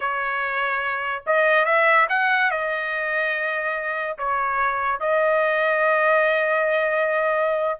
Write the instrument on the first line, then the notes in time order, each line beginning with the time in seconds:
trumpet
0.00 C#5
1.26 D#5
1.65 E5
2.09 F#5
2.50 D#5
4.18 C#5
5.00 D#5